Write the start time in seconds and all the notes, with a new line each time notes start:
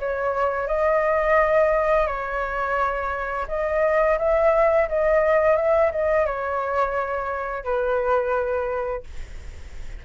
0.00 C#5
0.68 D#5
2.07 C#5
3.49 D#5
4.19 E5
4.89 D#5
5.57 E5
5.92 D#5
6.26 C#5
7.64 B4